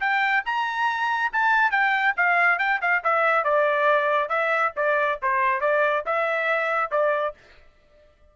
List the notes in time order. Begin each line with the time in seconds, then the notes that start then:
0.00 G5
0.46 A#5
1.32 A5
1.71 G5
2.16 F5
2.59 G5
2.81 F5
3.04 E5
3.44 D5
4.29 E5
4.76 D5
5.22 C5
5.61 D5
6.06 E5
6.91 D5